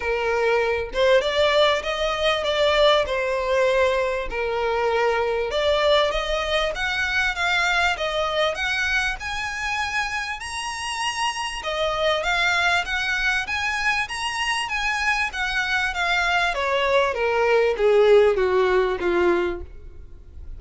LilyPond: \new Staff \with { instrumentName = "violin" } { \time 4/4 \tempo 4 = 98 ais'4. c''8 d''4 dis''4 | d''4 c''2 ais'4~ | ais'4 d''4 dis''4 fis''4 | f''4 dis''4 fis''4 gis''4~ |
gis''4 ais''2 dis''4 | f''4 fis''4 gis''4 ais''4 | gis''4 fis''4 f''4 cis''4 | ais'4 gis'4 fis'4 f'4 | }